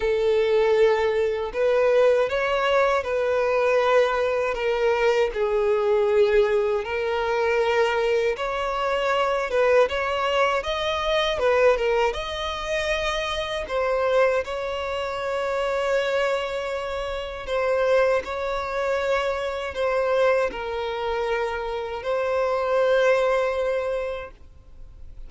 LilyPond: \new Staff \with { instrumentName = "violin" } { \time 4/4 \tempo 4 = 79 a'2 b'4 cis''4 | b'2 ais'4 gis'4~ | gis'4 ais'2 cis''4~ | cis''8 b'8 cis''4 dis''4 b'8 ais'8 |
dis''2 c''4 cis''4~ | cis''2. c''4 | cis''2 c''4 ais'4~ | ais'4 c''2. | }